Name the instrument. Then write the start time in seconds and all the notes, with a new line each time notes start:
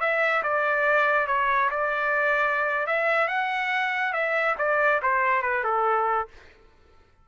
trumpet
0.00 E5
0.43 D5
1.27 C#5
1.70 D5
2.86 E5
3.27 F#5
4.13 E5
4.58 D5
5.02 C5
5.42 B4
5.64 A4